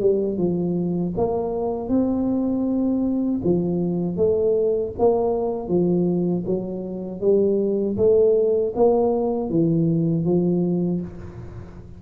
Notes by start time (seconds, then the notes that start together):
0.00 G3
0.38 F3
1.17 A#3
1.89 C4
3.44 F3
4.16 A3
4.99 A#3
5.68 F3
6.46 F#3
7.20 G3
7.97 A3
8.75 A#3
9.50 E3
10.25 F3